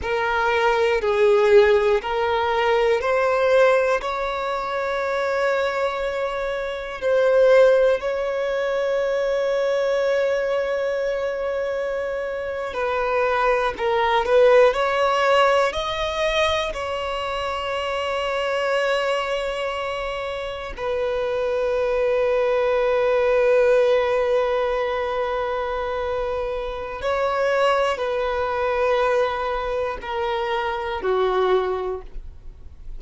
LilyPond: \new Staff \with { instrumentName = "violin" } { \time 4/4 \tempo 4 = 60 ais'4 gis'4 ais'4 c''4 | cis''2. c''4 | cis''1~ | cis''8. b'4 ais'8 b'8 cis''4 dis''16~ |
dis''8. cis''2.~ cis''16~ | cis''8. b'2.~ b'16~ | b'2. cis''4 | b'2 ais'4 fis'4 | }